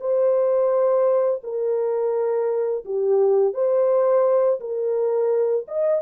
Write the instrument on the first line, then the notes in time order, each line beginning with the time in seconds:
horn
0.00 C5
1.43 A#4
2.85 G4
3.54 C5
4.60 A#4
5.68 D#5